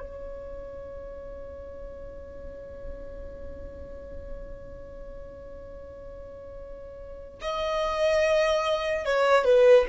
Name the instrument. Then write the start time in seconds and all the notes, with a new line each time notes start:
violin
0.00 C#5
7.42 D#5
9.06 C#5
9.45 B4